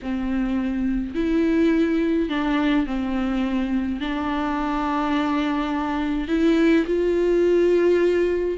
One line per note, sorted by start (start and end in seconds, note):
0.02 1.15 C4
1.15 2.29 E4
2.29 2.86 D4
2.86 4.00 C4
4.00 6.28 D4
6.28 6.85 E4
6.86 8.57 F4